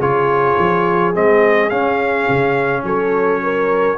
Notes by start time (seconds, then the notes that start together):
0.00 C#3 F4 G#4 C#5
0.58 F3
1.14 G#3 C4 D#5
1.70 C#4 F5
2.29 C#3
2.84 F#3 A4 C#5
3.44 A#4